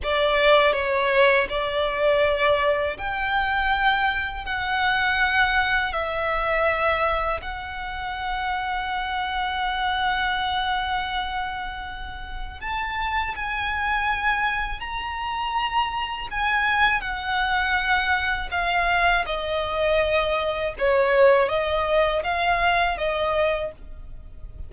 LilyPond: \new Staff \with { instrumentName = "violin" } { \time 4/4 \tempo 4 = 81 d''4 cis''4 d''2 | g''2 fis''2 | e''2 fis''2~ | fis''1~ |
fis''4 a''4 gis''2 | ais''2 gis''4 fis''4~ | fis''4 f''4 dis''2 | cis''4 dis''4 f''4 dis''4 | }